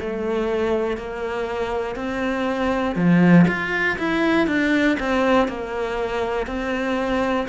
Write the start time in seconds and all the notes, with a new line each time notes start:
0.00 A3
0.97 A#3
1.95 C4
2.95 F3
3.47 F4
3.98 E4
4.47 D4
5.00 C4
5.48 A#3
6.46 C4